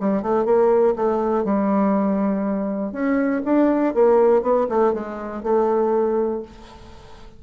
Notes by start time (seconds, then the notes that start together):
0.00 G3
0.23 A3
0.45 A#3
0.96 A3
1.44 G3
2.92 C#4
3.45 D4
3.94 A#3
4.43 B3
4.69 A3
4.94 G#3
5.43 A3